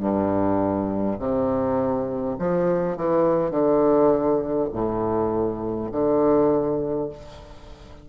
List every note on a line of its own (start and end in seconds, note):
0.00 1.18 G2
1.19 2.37 C3
2.40 2.97 F3
2.97 3.51 E3
3.51 4.69 D3
4.73 5.90 A2
5.92 7.10 D3